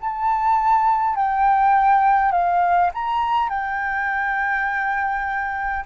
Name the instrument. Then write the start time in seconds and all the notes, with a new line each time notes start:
flute
0.00 A5
1.16 G5
2.32 F5
2.94 A#5
3.49 G5